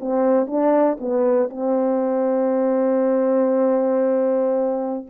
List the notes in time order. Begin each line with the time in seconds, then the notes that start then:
0.00 C4
0.47 D4
1.00 B3
1.50 C4